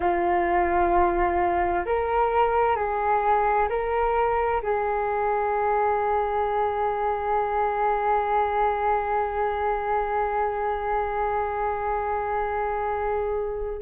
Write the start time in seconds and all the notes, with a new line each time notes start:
0.00 F4
1.85 A#4
2.76 G#4
3.69 A#4
4.62 G#4